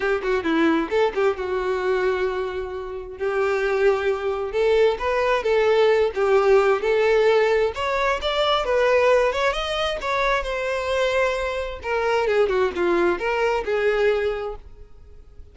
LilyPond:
\new Staff \with { instrumentName = "violin" } { \time 4/4 \tempo 4 = 132 g'8 fis'8 e'4 a'8 g'8 fis'4~ | fis'2. g'4~ | g'2 a'4 b'4 | a'4. g'4. a'4~ |
a'4 cis''4 d''4 b'4~ | b'8 cis''8 dis''4 cis''4 c''4~ | c''2 ais'4 gis'8 fis'8 | f'4 ais'4 gis'2 | }